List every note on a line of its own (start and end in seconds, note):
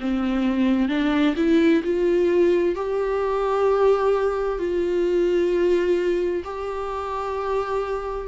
0.00 0.88 C4
0.88 1.34 D4
1.36 1.82 E4
1.83 2.75 F4
2.75 4.58 G4
4.58 6.43 F4
6.44 8.27 G4